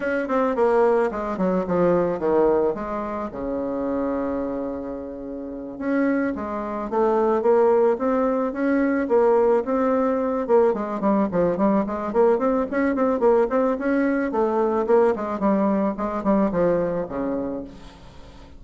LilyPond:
\new Staff \with { instrumentName = "bassoon" } { \time 4/4 \tempo 4 = 109 cis'8 c'8 ais4 gis8 fis8 f4 | dis4 gis4 cis2~ | cis2~ cis8 cis'4 gis8~ | gis8 a4 ais4 c'4 cis'8~ |
cis'8 ais4 c'4. ais8 gis8 | g8 f8 g8 gis8 ais8 c'8 cis'8 c'8 | ais8 c'8 cis'4 a4 ais8 gis8 | g4 gis8 g8 f4 cis4 | }